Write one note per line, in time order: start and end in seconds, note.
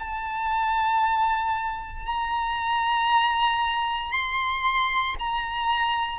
0.00 2.06 A5
2.06 4.12 A#5
4.12 5.16 C6
5.20 6.19 A#5